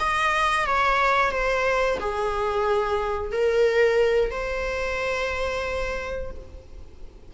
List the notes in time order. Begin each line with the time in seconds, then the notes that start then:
0.00 D#5
0.66 C#5
1.31 C5
2.00 G#4
3.32 A#4
4.31 C5